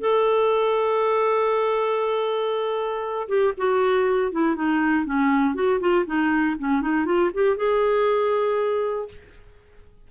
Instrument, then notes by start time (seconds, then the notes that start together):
clarinet
0.00 A4
3.28 G4
3.57 F#4
4.32 E4
4.55 D#4
5.05 C#4
5.54 F#4
5.80 F4
6.06 D#4
6.59 C#4
6.81 D#4
7.05 F4
7.33 G4
7.57 G#4